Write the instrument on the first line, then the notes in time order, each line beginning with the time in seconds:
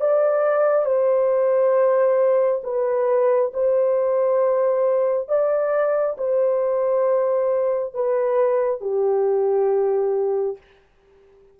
horn
0.00 D5
0.85 C5
2.64 B4
3.53 C5
5.28 D5
6.17 C5
7.94 B4
8.81 G4